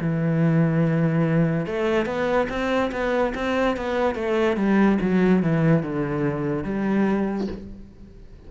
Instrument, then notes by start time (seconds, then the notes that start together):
cello
0.00 E3
1.66 A3
2.06 B3
2.49 C4
2.92 B3
3.35 C4
3.77 B3
4.15 A3
4.56 G3
5.01 F#3
5.43 E3
5.83 D3
6.64 G3